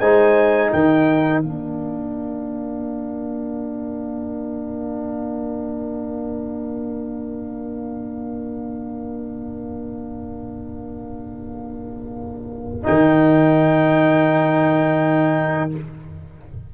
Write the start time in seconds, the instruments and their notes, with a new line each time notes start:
0.00 tuba G#3, trombone D#4, horn C5, trumpet G#5
0.71 tuba D#3, horn A#4, trumpet G5
1.41 tuba A#3, trombone D4, trumpet F5
12.84 tuba D#3, trombone D#4, trumpet G5